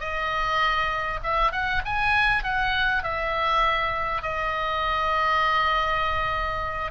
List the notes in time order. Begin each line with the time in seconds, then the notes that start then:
0.00 D#5
1.23 E5
1.52 F#5
1.85 G#5
2.44 F#5
3.03 E5
4.22 D#5